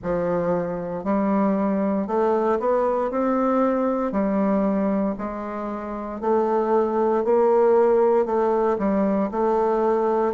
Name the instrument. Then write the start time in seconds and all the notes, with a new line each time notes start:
bassoon
0.02 F3
1.03 G3
2.07 A3
2.59 B3
3.10 C4
4.11 G3
5.18 G#3
6.21 A3
7.24 A#3
8.25 A3
8.78 G3
9.31 A3